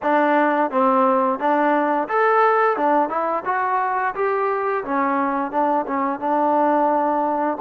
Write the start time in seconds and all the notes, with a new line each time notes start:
0.02 D4
0.71 C4
1.39 D4
2.08 A4
2.76 D4
3.08 E4
3.45 F#4
4.14 G4
4.84 C#4
5.51 D4
5.86 C#4
6.19 D4